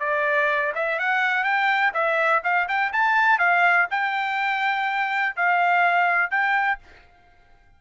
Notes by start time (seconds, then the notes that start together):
0.00 D5
0.75 E5
0.99 F#5
1.44 G5
1.94 E5
2.44 F5
2.68 G5
2.93 A5
3.39 F5
3.91 G5
5.36 F5
6.31 G5